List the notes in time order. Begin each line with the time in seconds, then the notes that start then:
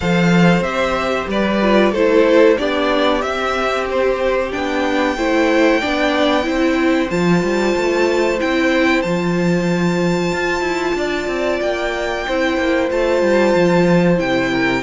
0.00 F3 A4 C5 F5
0.60 C4 G4 E5
1.27 G3 B4 D5
1.62 F4
1.91 A3 E4 A4 C5
2.57 B3 D4 G4 D5
3.21 C4 E5
3.90 C5
4.51 B3 D4 G5
5.16 A3 E4 C5
5.80 B3 D4 D5
6.42 C4 E4 C5
7.09 F3 F4 A5
7.43 G3
7.76 A3
8.39 C4 E4 G5
9.02 F3 F4 A5
10.31 F4
10.60 E4
10.94 D4 D5
11.27 C4
11.60 A#3 G5
12.27 C4 E4 C5
12.57 A#3
12.90 A3 F4 A5
13.22 G3
13.55 F3
14.16 C3 E4 G5
14.51 A#4